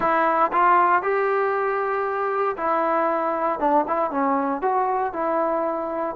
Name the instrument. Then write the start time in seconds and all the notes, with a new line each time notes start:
trombone
0.00 E4
0.52 F4
1.02 G4
2.56 E4
3.59 D4
3.87 E4
4.10 C#4
4.61 F#4
5.13 E4